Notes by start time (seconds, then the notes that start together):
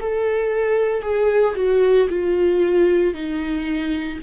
0.00 A4
1.02 G#4
1.55 F#4
2.09 F4
3.14 D#4